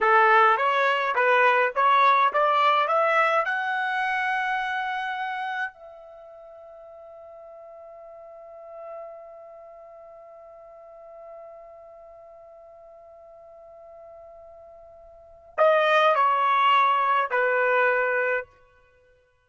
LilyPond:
\new Staff \with { instrumentName = "trumpet" } { \time 4/4 \tempo 4 = 104 a'4 cis''4 b'4 cis''4 | d''4 e''4 fis''2~ | fis''2 e''2~ | e''1~ |
e''1~ | e''1~ | e''2. dis''4 | cis''2 b'2 | }